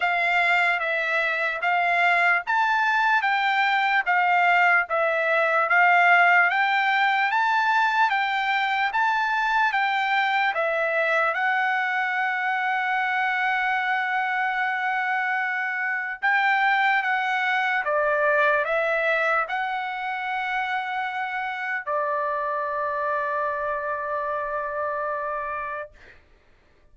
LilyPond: \new Staff \with { instrumentName = "trumpet" } { \time 4/4 \tempo 4 = 74 f''4 e''4 f''4 a''4 | g''4 f''4 e''4 f''4 | g''4 a''4 g''4 a''4 | g''4 e''4 fis''2~ |
fis''1 | g''4 fis''4 d''4 e''4 | fis''2. d''4~ | d''1 | }